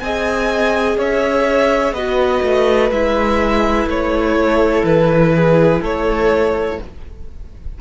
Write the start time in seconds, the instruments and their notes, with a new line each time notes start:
0.00 cello C4, viola G#4, violin D#5 G#5
0.97 cello C#4, violin C#5 E5
1.92 cello B3, viola F#4, violin B4 D#5
2.43 cello A3
2.91 cello G#3, viola E4, violin E5
3.86 cello A3, violin C#5
4.40 violin A4
4.83 cello E3, violin B4
5.35 violin G#4
5.81 cello A3, violin A4 C#5